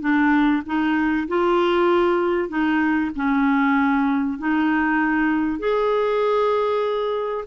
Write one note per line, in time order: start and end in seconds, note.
0.00 0.62 D4
0.66 1.27 D#4
1.28 2.49 F4
2.49 3.10 D#4
3.15 4.38 C#4
4.38 5.59 D#4
5.59 7.45 G#4